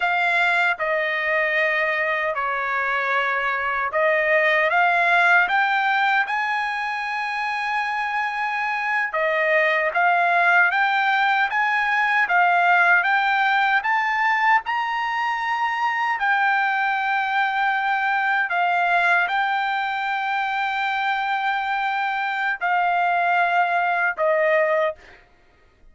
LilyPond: \new Staff \with { instrumentName = "trumpet" } { \time 4/4 \tempo 4 = 77 f''4 dis''2 cis''4~ | cis''4 dis''4 f''4 g''4 | gis''2.~ gis''8. dis''16~ | dis''8. f''4 g''4 gis''4 f''16~ |
f''8. g''4 a''4 ais''4~ ais''16~ | ais''8. g''2. f''16~ | f''8. g''2.~ g''16~ | g''4 f''2 dis''4 | }